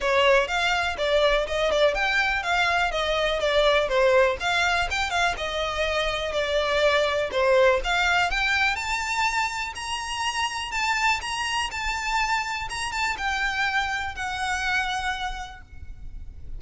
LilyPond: \new Staff \with { instrumentName = "violin" } { \time 4/4 \tempo 4 = 123 cis''4 f''4 d''4 dis''8 d''8 | g''4 f''4 dis''4 d''4 | c''4 f''4 g''8 f''8 dis''4~ | dis''4 d''2 c''4 |
f''4 g''4 a''2 | ais''2 a''4 ais''4 | a''2 ais''8 a''8 g''4~ | g''4 fis''2. | }